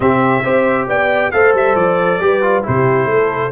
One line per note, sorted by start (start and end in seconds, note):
0.00 0.44 C3
0.00 0.43 C4
0.00 0.43 G4
0.00 0.88 E5
0.43 0.88 C4
0.43 1.32 G4
0.43 0.87 C5
0.88 1.32 B3
0.88 1.32 D5
0.88 1.31 G5
1.31 1.54 A3
1.31 2.20 A4
1.31 2.22 C5
1.31 1.53 F5
1.54 1.75 G3
1.54 1.75 E5
1.75 2.19 F3
1.75 2.64 D5
2.19 2.63 G3
2.19 2.42 G4
2.19 2.65 B4
2.42 2.63 F4
2.63 3.05 C3
2.63 3.51 E4
2.63 3.08 G4
2.63 3.52 C5
3.05 3.49 A3
3.05 3.52 A4